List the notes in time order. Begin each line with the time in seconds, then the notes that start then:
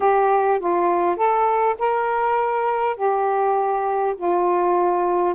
0.00 G4
0.59 F4
1.16 A4
1.78 A#4
2.96 G4
4.17 F4